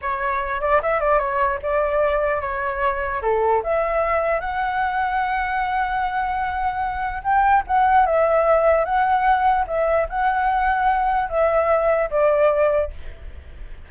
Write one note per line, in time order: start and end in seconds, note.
0.01 0.60 C#5
0.60 0.81 D5
0.82 1.00 E5
1.00 1.19 D5
1.19 1.59 C#5
1.62 2.41 D5
2.41 3.21 C#5
3.22 3.62 A4
3.63 4.40 E5
4.40 7.22 F#5
7.23 7.63 G5
7.67 8.06 F#5
8.06 8.84 E5
8.84 9.65 F#5
9.67 10.07 E5
10.09 11.29 F#5
11.29 12.09 E5
12.10 12.91 D5